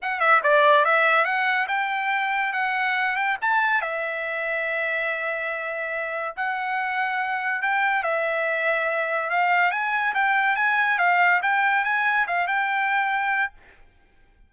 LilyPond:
\new Staff \with { instrumentName = "trumpet" } { \time 4/4 \tempo 4 = 142 fis''8 e''8 d''4 e''4 fis''4 | g''2 fis''4. g''8 | a''4 e''2.~ | e''2. fis''4~ |
fis''2 g''4 e''4~ | e''2 f''4 gis''4 | g''4 gis''4 f''4 g''4 | gis''4 f''8 g''2~ g''8 | }